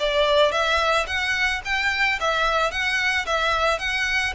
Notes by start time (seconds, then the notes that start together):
0.00 D5
0.52 E5
1.07 F#5
1.65 G5
2.20 E5
2.71 F#5
3.26 E5
3.79 F#5